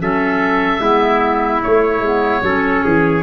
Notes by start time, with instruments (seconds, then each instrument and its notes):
0.00 tuba F#3, clarinet C#4, trumpet A4, oboe E5
0.79 tuba G#3, clarinet B3, trumpet E4
1.61 clarinet A3, tuba A3, oboe C#5
1.99 tuba G#3, clarinet B3
2.42 tuba F#3, clarinet C#4, trumpet A4
2.84 tuba E3, trumpet G#4